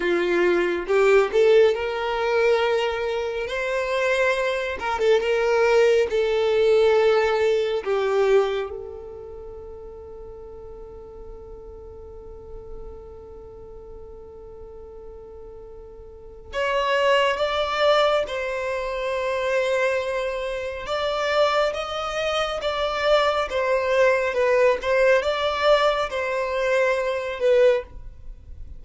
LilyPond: \new Staff \with { instrumentName = "violin" } { \time 4/4 \tempo 4 = 69 f'4 g'8 a'8 ais'2 | c''4. ais'16 a'16 ais'4 a'4~ | a'4 g'4 a'2~ | a'1~ |
a'2. cis''4 | d''4 c''2. | d''4 dis''4 d''4 c''4 | b'8 c''8 d''4 c''4. b'8 | }